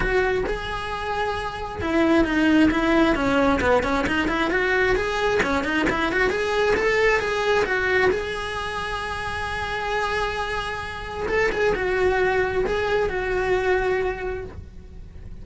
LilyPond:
\new Staff \with { instrumentName = "cello" } { \time 4/4 \tempo 4 = 133 fis'4 gis'2. | e'4 dis'4 e'4 cis'4 | b8 cis'8 dis'8 e'8 fis'4 gis'4 | cis'8 dis'8 e'8 fis'8 gis'4 a'4 |
gis'4 fis'4 gis'2~ | gis'1~ | gis'4 a'8 gis'8 fis'2 | gis'4 fis'2. | }